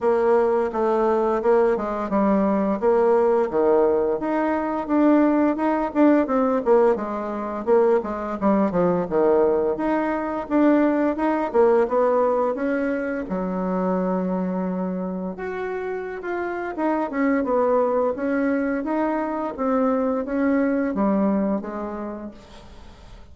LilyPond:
\new Staff \with { instrumentName = "bassoon" } { \time 4/4 \tempo 4 = 86 ais4 a4 ais8 gis8 g4 | ais4 dis4 dis'4 d'4 | dis'8 d'8 c'8 ais8 gis4 ais8 gis8 | g8 f8 dis4 dis'4 d'4 |
dis'8 ais8 b4 cis'4 fis4~ | fis2 fis'4~ fis'16 f'8. | dis'8 cis'8 b4 cis'4 dis'4 | c'4 cis'4 g4 gis4 | }